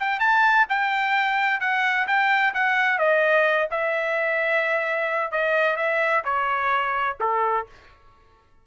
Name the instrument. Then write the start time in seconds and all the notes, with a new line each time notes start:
trumpet
0.00 G5
0.20 A5
0.69 G5
1.60 F#5
2.07 G5
2.54 F#5
2.99 D#5
3.71 E5
5.32 D#5
5.77 E5
6.25 C#5
7.20 A4